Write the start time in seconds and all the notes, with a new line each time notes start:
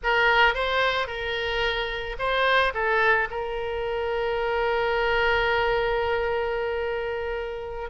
0.03 A#4
0.54 C5
1.07 A#4
2.18 C5
2.73 A4
3.30 A#4